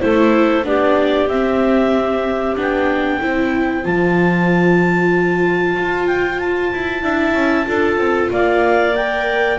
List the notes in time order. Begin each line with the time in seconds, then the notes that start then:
0.00 A3 E4 A4 C5
0.63 B3 D4 G4 D5
1.28 C4 E5
2.56 B3 D4 G5
3.19 C4 E4 C5
3.83 F3 F4 A5
5.76 F4
6.07 G5
6.38 A5
6.73 E4
7.02 D4 E4 E5
7.33 C#4
7.65 D4 F4 A4
7.97 C4
8.30 A#3 D5 F5
8.95 A#4 G5